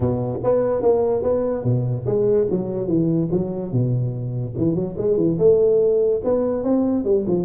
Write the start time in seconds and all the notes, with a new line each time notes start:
0.00 B2
0.43 B3
0.81 A#3
1.22 B3
1.63 B2
2.06 G#3
2.50 F#3
2.87 E3
3.31 F#3
3.72 B2
4.57 E3
4.75 F#3
4.97 G#3
5.17 E3
5.38 A3
6.24 B3
6.63 C4
7.04 G3
7.27 F3